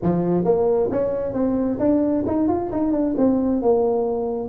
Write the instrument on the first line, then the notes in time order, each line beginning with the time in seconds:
tuba
0.02 F3
0.44 A#3
0.91 C#4
1.33 C4
1.79 D4
2.26 D#4
2.48 F4
2.71 D#4
2.92 D4
3.17 C4
3.62 A#3